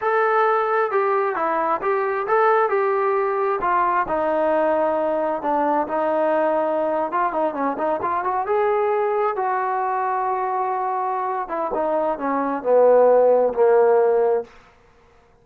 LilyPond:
\new Staff \with { instrumentName = "trombone" } { \time 4/4 \tempo 4 = 133 a'2 g'4 e'4 | g'4 a'4 g'2 | f'4 dis'2. | d'4 dis'2~ dis'8. f'16~ |
f'16 dis'8 cis'8 dis'8 f'8 fis'8 gis'4~ gis'16~ | gis'8. fis'2.~ fis'16~ | fis'4. e'8 dis'4 cis'4 | b2 ais2 | }